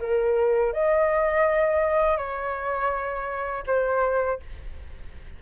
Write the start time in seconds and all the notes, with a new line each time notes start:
0.00 A#4
0.73 D#5
2.17 C#5
3.67 C5